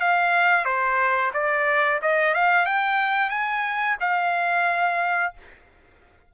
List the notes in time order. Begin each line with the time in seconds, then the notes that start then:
0.00 F5
0.65 C5
1.33 D5
2.01 D#5
2.34 F5
2.66 G5
3.30 G#5
4.00 F5